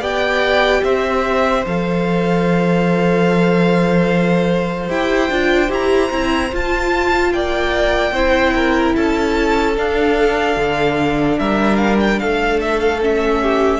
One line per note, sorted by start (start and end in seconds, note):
0.00 0.81 B3
0.00 1.62 G4
0.00 0.81 D5
0.00 0.83 G5
0.83 1.65 C4
0.83 7.33 C5
0.83 1.65 E5
1.65 4.89 F3
1.65 4.88 A4
1.65 4.90 F5
4.88 5.29 E4
4.88 5.29 G4
4.88 5.71 G5
5.29 5.69 D4
5.29 5.68 F4
5.68 6.10 E4
5.68 6.09 G4
5.68 6.54 A#5
6.11 6.51 C4
6.11 6.51 E4
6.52 8.14 F4
6.52 7.33 F4
6.52 7.33 A5
7.33 8.11 A#3
7.33 8.12 D5
7.33 8.95 G5
8.11 8.92 C4
8.11 9.76 E4
8.11 8.53 C5
8.55 8.95 A#4
8.95 9.77 C#4
8.95 11.38 A4
8.95 9.76 A5
9.76 13.00 D4
9.76 10.56 D4
9.76 11.39 F5
10.56 11.37 D3
11.39 12.21 G3
11.39 12.20 A#4
11.39 11.76 E5
11.76 11.96 F5
11.99 12.19 G5
12.19 13.79 A3
12.19 13.41 A4
12.19 12.59 F5
12.60 12.79 E5
12.79 12.99 F5
13.01 13.79 C#4
13.01 13.79 E5
13.41 13.79 G4